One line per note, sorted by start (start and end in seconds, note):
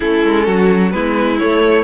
0.00 0.24 A3
0.00 0.92 C#4
0.00 0.46 E4
0.00 0.90 A4
0.24 0.47 G#3
0.46 0.93 F#3
0.46 0.92 F#4
0.90 1.40 G#3
0.90 1.39 B3
0.90 1.84 E4
0.90 1.37 B4
1.38 1.84 A3
1.38 1.84 C#5